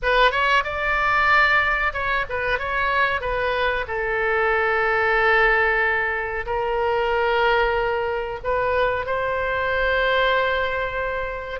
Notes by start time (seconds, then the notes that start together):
0.02 B4
0.31 C#5
0.64 D5
1.93 C#5
2.29 B4
2.58 C#5
3.21 B4
3.87 A4
6.46 A#4
8.43 B4
9.06 C5